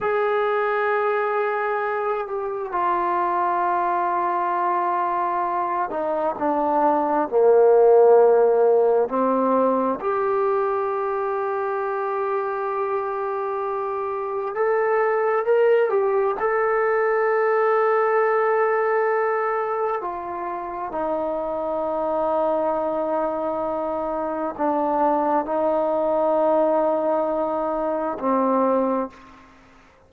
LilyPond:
\new Staff \with { instrumentName = "trombone" } { \time 4/4 \tempo 4 = 66 gis'2~ gis'8 g'8 f'4~ | f'2~ f'8 dis'8 d'4 | ais2 c'4 g'4~ | g'1 |
a'4 ais'8 g'8 a'2~ | a'2 f'4 dis'4~ | dis'2. d'4 | dis'2. c'4 | }